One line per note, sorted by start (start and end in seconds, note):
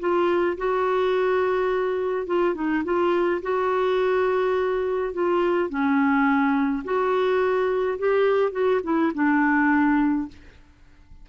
0.00 0.57 F4
0.58 2.27 F#4
2.27 2.55 F4
2.55 2.83 D#4
2.84 3.42 F4
3.42 5.14 F#4
5.14 5.69 F4
5.69 6.84 C#4
6.84 7.98 F#4
7.99 8.52 G4
8.52 8.81 F#4
8.84 9.12 E4
9.14 10.28 D4